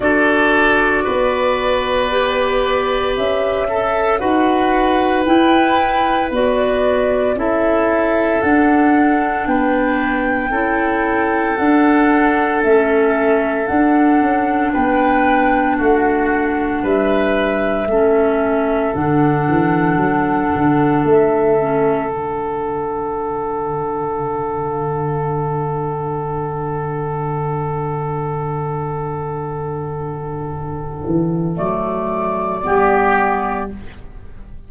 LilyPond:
<<
  \new Staff \with { instrumentName = "flute" } { \time 4/4 \tempo 4 = 57 d''2. e''4 | fis''4 g''4 d''4 e''4 | fis''4 g''2 fis''4 | e''4 fis''4 g''4 fis''4 |
e''2 fis''2 | e''4 fis''2.~ | fis''1~ | fis''2 d''2 | }
  \new Staff \with { instrumentName = "oboe" } { \time 4/4 a'4 b'2~ b'8 a'8 | b'2. a'4~ | a'4 b'4 a'2~ | a'2 b'4 fis'4 |
b'4 a'2.~ | a'1~ | a'1~ | a'2. g'4 | }
  \new Staff \with { instrumentName = "clarinet" } { \time 4/4 fis'2 g'4. a'8 | fis'4 e'4 fis'4 e'4 | d'2 e'4 d'4 | cis'4 d'2.~ |
d'4 cis'4 d'2~ | d'8 cis'8 d'2.~ | d'1~ | d'2 a4 b4 | }
  \new Staff \with { instrumentName = "tuba" } { \time 4/4 d'4 b2 cis'4 | dis'4 e'4 b4 cis'4 | d'4 b4 cis'4 d'4 | a4 d'8 cis'8 b4 a4 |
g4 a4 d8 e8 fis8 d8 | a4 d2.~ | d1~ | d4. e8 fis4 g4 | }
>>